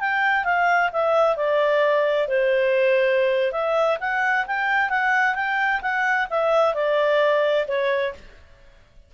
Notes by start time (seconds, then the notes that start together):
0.00 G5
0.45 F5
0.92 E5
1.37 D5
2.28 C5
3.52 E5
4.00 F#5
4.47 G5
4.90 F#5
5.35 G5
5.82 F#5
6.30 E5
6.74 D5
7.68 C#5